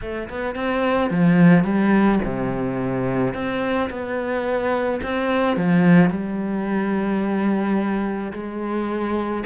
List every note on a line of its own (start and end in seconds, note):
0.01 0.29 A3
0.29 0.55 B3
0.55 1.10 C4
1.10 1.64 F3
1.64 2.19 G3
2.24 3.34 C3
3.34 3.89 C4
3.89 5.01 B3
5.03 5.57 C4
5.57 6.10 F3
6.10 8.32 G3
8.32 9.43 G#3